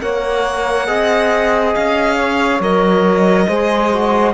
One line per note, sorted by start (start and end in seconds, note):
0.00 0.89 A#3
0.00 0.87 A#4
0.00 0.88 C#5
0.00 1.75 F#5
0.87 1.76 C4
0.87 2.61 G#4
0.87 2.15 D#5
1.75 2.60 C#4
1.75 2.62 F5
2.15 3.46 C#5
2.60 3.47 F#3
2.60 3.48 A#4
2.60 4.34 D#5
3.48 4.34 G#3
3.48 3.92 G#4
3.48 4.34 C5
3.93 4.34 F#4